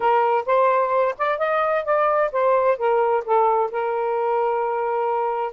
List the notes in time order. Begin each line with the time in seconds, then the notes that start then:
0.00 A#4
0.46 C5
1.18 D5
1.38 D#5
1.84 D5
2.32 C5
2.77 A#4
3.24 A4
3.71 A#4